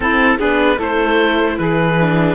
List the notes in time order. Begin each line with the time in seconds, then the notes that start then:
0.00 C4 E4 A4
0.38 B3 D4 G#4 B4
0.76 A3 E4 A4 C5
1.58 E3 G#4 B4
2.00 D4